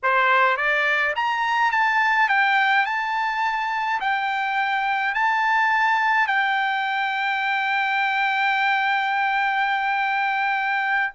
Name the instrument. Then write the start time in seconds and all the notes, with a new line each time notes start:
trumpet
0.02 C5
0.56 D5
1.15 A#5
1.71 A5
2.29 G5
2.85 A5
4.00 G5
5.14 A5
6.27 G5